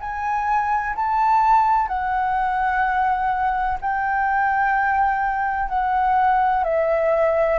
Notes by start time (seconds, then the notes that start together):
0.00 G#5
0.96 A5
1.88 F#5
3.81 G5
5.68 F#5
6.64 E5